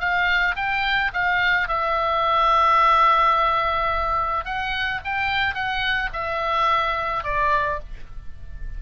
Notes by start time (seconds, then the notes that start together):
0.00 F5
0.56 G5
1.13 F5
1.68 E5
4.45 F#5
5.05 G5
5.55 F#5
6.13 E5
7.24 D5